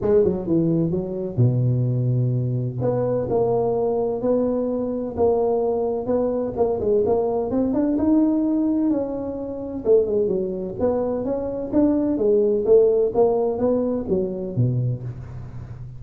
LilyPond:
\new Staff \with { instrumentName = "tuba" } { \time 4/4 \tempo 4 = 128 gis8 fis8 e4 fis4 b,4~ | b,2 b4 ais4~ | ais4 b2 ais4~ | ais4 b4 ais8 gis8 ais4 |
c'8 d'8 dis'2 cis'4~ | cis'4 a8 gis8 fis4 b4 | cis'4 d'4 gis4 a4 | ais4 b4 fis4 b,4 | }